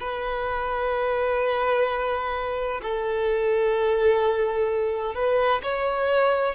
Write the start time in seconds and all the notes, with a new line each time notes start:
0.00 B4
2.82 A4
5.15 B4
5.63 C#5